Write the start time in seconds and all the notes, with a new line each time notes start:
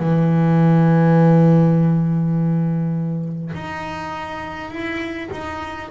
0.00 E3
3.55 D#4
4.71 E4
5.32 D#4